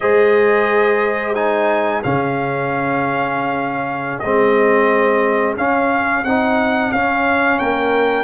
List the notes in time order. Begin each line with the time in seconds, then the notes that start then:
0.00 G#3 G#4 C5 D#5
1.34 D#4 G#5
2.03 C#3 C#4 G#4 F5
4.19 G#3 C4 D#5
5.56 C#4 F5
6.23 C4 D#4 F#5
6.91 C#4 F5
7.59 A#3 A#4 G5